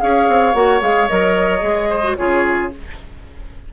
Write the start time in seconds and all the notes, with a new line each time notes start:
0.00 C#4 G#4 C#5 F5
0.28 C4
0.53 A#3 F#4 F#5
0.80 G#3 G#4 F5
1.08 F#3 A#4 D#5
1.60 G#3 G#4
1.89 C5
2.03 F#4
2.15 C#3 F4 G#4 C#5